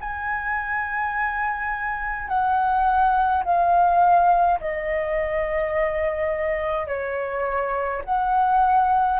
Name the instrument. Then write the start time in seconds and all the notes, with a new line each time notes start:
flute
0.00 G#5
2.28 F#5
3.44 F5
4.60 D#5
6.87 C#5
8.05 F#5